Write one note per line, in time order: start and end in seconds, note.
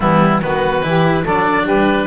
0.00 0.42 E3
0.00 0.41 G3
0.00 0.42 B3
0.00 0.41 E4
0.42 0.83 D#3
0.42 0.81 B3
0.42 0.86 F#4
0.42 1.25 B4
0.81 1.25 E3
0.81 1.23 E4
0.81 1.23 G4
1.23 1.66 F#3
1.23 2.07 D4
1.23 1.63 A4
1.23 1.67 D5
1.63 2.07 G3
1.63 2.05 G4
1.63 2.07 B4